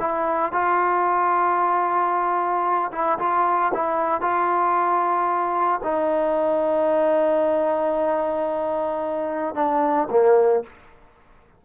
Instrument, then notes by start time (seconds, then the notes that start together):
trombone
0.00 E4
0.53 F4
2.92 E4
3.19 F4
3.74 E4
4.21 F4
5.84 D#4
9.55 D4
10.11 A#3